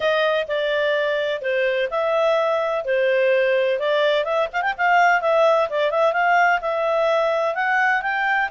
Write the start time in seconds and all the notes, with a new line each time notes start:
0.00 D#5
0.47 D5
1.41 C5
1.90 E5
2.85 C5
3.79 D5
4.24 E5
4.52 F5
4.61 G5
4.77 F5
5.21 E5
5.69 D5
5.90 E5
6.12 F5
6.61 E5
7.54 F#5
8.02 G5